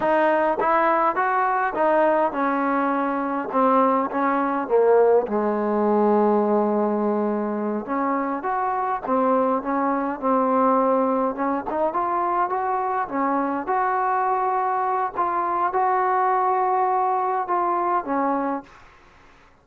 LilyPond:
\new Staff \with { instrumentName = "trombone" } { \time 4/4 \tempo 4 = 103 dis'4 e'4 fis'4 dis'4 | cis'2 c'4 cis'4 | ais4 gis2.~ | gis4. cis'4 fis'4 c'8~ |
c'8 cis'4 c'2 cis'8 | dis'8 f'4 fis'4 cis'4 fis'8~ | fis'2 f'4 fis'4~ | fis'2 f'4 cis'4 | }